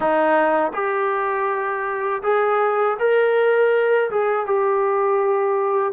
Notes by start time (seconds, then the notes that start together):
0.00 D#4
0.73 G4
2.23 G#4
2.99 A#4
4.10 G#4
4.45 G4